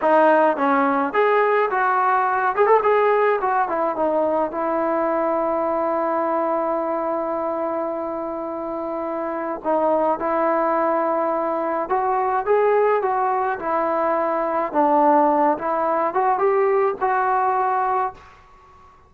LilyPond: \new Staff \with { instrumentName = "trombone" } { \time 4/4 \tempo 4 = 106 dis'4 cis'4 gis'4 fis'4~ | fis'8 gis'16 a'16 gis'4 fis'8 e'8 dis'4 | e'1~ | e'1~ |
e'4 dis'4 e'2~ | e'4 fis'4 gis'4 fis'4 | e'2 d'4. e'8~ | e'8 fis'8 g'4 fis'2 | }